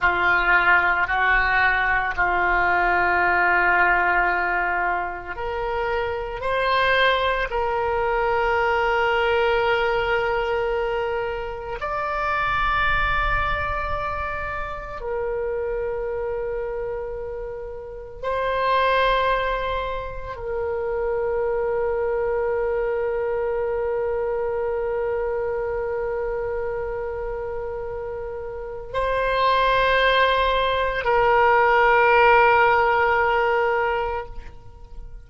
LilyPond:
\new Staff \with { instrumentName = "oboe" } { \time 4/4 \tempo 4 = 56 f'4 fis'4 f'2~ | f'4 ais'4 c''4 ais'4~ | ais'2. d''4~ | d''2 ais'2~ |
ais'4 c''2 ais'4~ | ais'1~ | ais'2. c''4~ | c''4 ais'2. | }